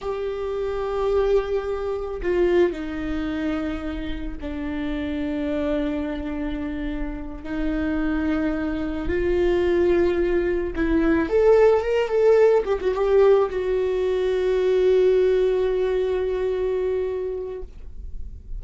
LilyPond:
\new Staff \with { instrumentName = "viola" } { \time 4/4 \tempo 4 = 109 g'1 | f'4 dis'2. | d'1~ | d'4. dis'2~ dis'8~ |
dis'8 f'2. e'8~ | e'8 a'4 ais'8 a'4 g'16 fis'16 g'8~ | g'8 fis'2.~ fis'8~ | fis'1 | }